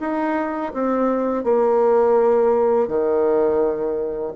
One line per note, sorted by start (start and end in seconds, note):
0.00 0.72 D#4
0.73 1.43 C4
1.43 2.87 A#3
2.87 4.32 D#3